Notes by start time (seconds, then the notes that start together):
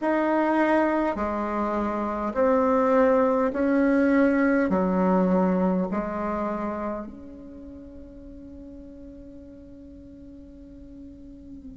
0.01 D#4
1.15 G#3
2.34 C4
3.52 C#4
4.69 F#3
5.91 G#3
7.06 C#4